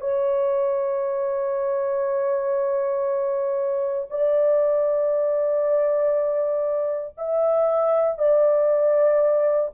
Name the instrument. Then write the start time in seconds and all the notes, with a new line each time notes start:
horn
0.00 C#5
4.10 D5
7.17 E5
8.18 D5